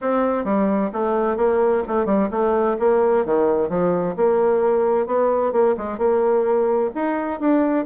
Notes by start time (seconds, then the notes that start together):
0.01 C4
0.44 G3
0.93 A3
1.36 A#3
1.87 A3
2.05 G3
2.30 A3
2.79 A#3
3.25 D#3
3.69 F3
4.16 A#3
5.06 B3
5.52 A#3
5.77 G#3
5.98 A#3
6.94 D#4
7.40 D4